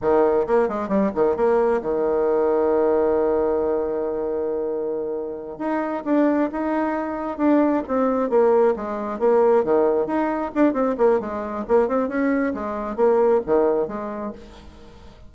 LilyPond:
\new Staff \with { instrumentName = "bassoon" } { \time 4/4 \tempo 4 = 134 dis4 ais8 gis8 g8 dis8 ais4 | dis1~ | dis1~ | dis8 dis'4 d'4 dis'4.~ |
dis'8 d'4 c'4 ais4 gis8~ | gis8 ais4 dis4 dis'4 d'8 | c'8 ais8 gis4 ais8 c'8 cis'4 | gis4 ais4 dis4 gis4 | }